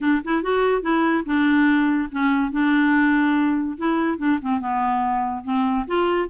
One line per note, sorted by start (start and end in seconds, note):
0.00 0.21 D4
0.24 0.43 E4
0.43 0.82 F#4
0.82 1.24 E4
1.25 2.09 D4
2.11 2.51 C#4
2.51 3.77 D4
3.77 4.18 E4
4.18 4.39 D4
4.41 4.60 C4
4.60 5.44 B3
5.44 5.86 C4
5.87 6.29 F4